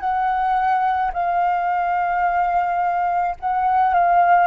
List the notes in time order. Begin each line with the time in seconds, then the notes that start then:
0.00 F#5
1.13 F5
3.39 F#5
3.93 F5